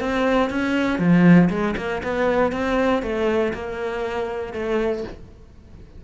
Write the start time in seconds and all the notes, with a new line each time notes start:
0.00 C4
0.50 C#4
0.99 F3
1.50 G#3
1.77 A#3
2.03 B3
2.52 C4
3.02 A3
3.53 A#3
4.53 A3